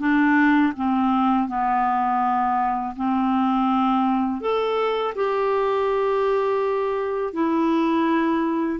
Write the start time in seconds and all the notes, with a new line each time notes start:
0.00 D4
0.76 C4
1.49 B3
2.96 C4
4.41 A4
5.15 G4
7.33 E4